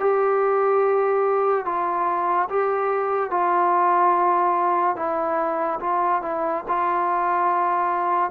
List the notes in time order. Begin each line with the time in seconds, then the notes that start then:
0.00 G4
1.66 F4
2.50 G4
3.31 F4
4.97 E4
5.81 F4
6.23 E4
6.68 F4